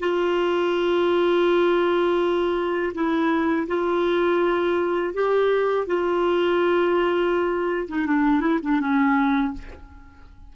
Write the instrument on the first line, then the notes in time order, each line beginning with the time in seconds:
clarinet
0.00 F4
2.94 E4
3.68 F4
5.14 G4
5.87 F4
7.88 D#4
8.06 D4
8.41 E4
8.63 D4
8.80 C#4